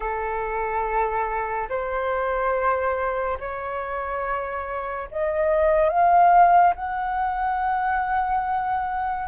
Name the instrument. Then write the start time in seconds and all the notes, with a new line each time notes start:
flute
0.00 A4
1.69 C5
3.39 C#5
5.11 D#5
5.89 F5
6.75 F#5